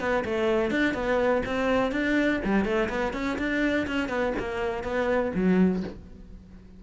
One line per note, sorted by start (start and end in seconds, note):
0.00 0.24 B3
0.25 0.71 A3
0.71 0.94 D4
0.94 1.43 B3
1.45 1.92 C4
1.92 2.40 D4
2.44 2.65 G3
2.65 2.89 A3
2.89 3.13 B3
3.13 3.38 C#4
3.38 3.87 D4
3.87 4.09 C#4
4.09 4.33 B3
4.39 4.84 A#3
4.84 5.32 B3
5.35 5.83 F#3